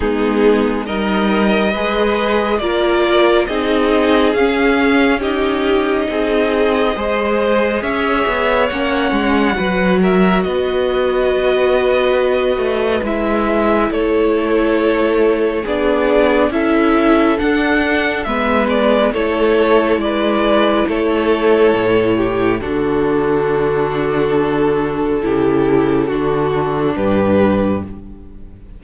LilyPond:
<<
  \new Staff \with { instrumentName = "violin" } { \time 4/4 \tempo 4 = 69 gis'4 dis''2 d''4 | dis''4 f''4 dis''2~ | dis''4 e''4 fis''4. e''8 | dis''2. e''4 |
cis''2 d''4 e''4 | fis''4 e''8 d''8 cis''4 d''4 | cis''2 a'2~ | a'2. b'4 | }
  \new Staff \with { instrumentName = "violin" } { \time 4/4 dis'4 ais'4 b'4 ais'4 | gis'2 g'4 gis'4 | c''4 cis''2 b'8 ais'8 | b'1 |
a'2 gis'4 a'4~ | a'4 b'4 a'4 b'4 | a'4. g'8 fis'2~ | fis'4 g'4 fis'4 g'4 | }
  \new Staff \with { instrumentName = "viola" } { \time 4/4 b4 dis'4 gis'4 f'4 | dis'4 cis'4 dis'2 | gis'2 cis'4 fis'4~ | fis'2. e'4~ |
e'2 d'4 e'4 | d'4 b4 e'2~ | e'2 d'2~ | d'4 e'4 d'2 | }
  \new Staff \with { instrumentName = "cello" } { \time 4/4 gis4 g4 gis4 ais4 | c'4 cis'2 c'4 | gis4 cis'8 b8 ais8 gis8 fis4 | b2~ b8 a8 gis4 |
a2 b4 cis'4 | d'4 gis4 a4 gis4 | a4 a,4 d2~ | d4 cis4 d4 g,4 | }
>>